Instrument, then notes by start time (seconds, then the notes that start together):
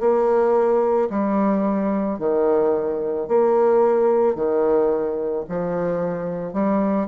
bassoon
0.00 A#3
1.10 G3
2.19 D#3
3.28 A#3
4.36 D#3
5.49 F3
6.54 G3